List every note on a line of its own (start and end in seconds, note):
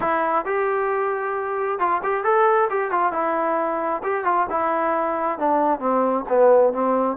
0.00 0.45 E4
0.45 1.79 G4
1.79 2.01 F4
2.03 2.24 G4
2.24 2.68 A4
2.69 2.91 G4
2.91 3.12 F4
3.12 4.02 E4
4.03 4.24 G4
4.24 4.46 F4
4.49 5.39 E4
5.39 5.79 D4
5.79 6.24 C4
6.28 6.73 B3
6.73 7.16 C4